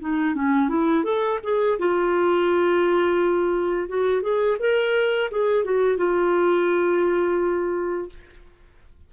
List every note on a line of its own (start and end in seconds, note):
0.00 0.35 D#4
0.35 0.69 C#4
0.69 1.04 E4
1.04 1.39 A4
1.43 1.79 G#4
1.79 3.89 F4
3.89 4.22 F#4
4.22 4.58 G#4
4.59 5.30 A#4
5.31 5.65 G#4
5.65 5.98 F#4
5.98 8.10 F4